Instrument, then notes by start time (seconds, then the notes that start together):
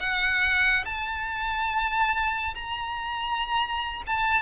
violin
0.00 F#5
0.85 A5
2.54 A#5
4.07 A5